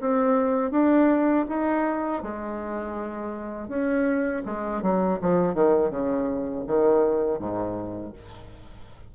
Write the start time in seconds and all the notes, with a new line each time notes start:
0.00 C4
0.71 D4
1.48 D#4
2.22 G#3
3.68 C#4
4.45 G#3
4.82 F#3
5.21 F3
5.54 D#3
5.90 C#3
6.67 D#3
7.39 G#2